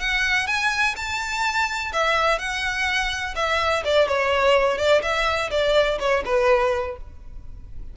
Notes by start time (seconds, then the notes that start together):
0.00 F#5
0.47 G#5
0.96 A5
1.93 E5
2.38 F#5
3.35 E5
3.85 D5
4.08 C#5
4.78 D5
5.02 E5
5.51 D5
6.00 C#5
6.25 B4